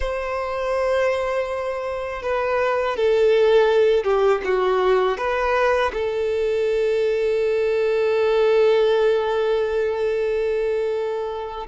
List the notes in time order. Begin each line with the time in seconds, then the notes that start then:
0.00 C5
2.22 B4
2.96 A4
4.04 G4
4.44 F#4
5.17 B4
5.93 A4